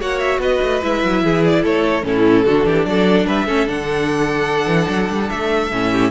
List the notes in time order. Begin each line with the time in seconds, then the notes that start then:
0.00 A#3 F#4 C#5 F#5
0.20 E5
0.39 B3 B4 D#5
0.62 A3
0.82 G#3 E4 E5
1.04 F#3
1.23 E3 G#4
1.45 D5
1.63 A3 A4 C#5
2.03 A2 C#4 E4 A4
2.45 D3 D4 F#4
2.65 E3 G4
2.85 F#3 A4 D5
3.27 G3 B4 E5
3.46 A3 C#4 A4
3.67 D3 D4 F#5
4.67 E3
4.89 F#3
5.10 G3
5.30 A3 E5
5.72 A2 C#4
5.91 G4